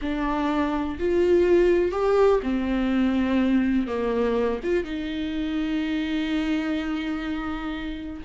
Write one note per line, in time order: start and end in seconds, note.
0.01 0.98 D4
0.99 1.91 F4
1.91 2.40 G4
2.42 3.87 C4
3.87 4.59 A#3
4.63 4.84 F4
4.84 8.22 D#4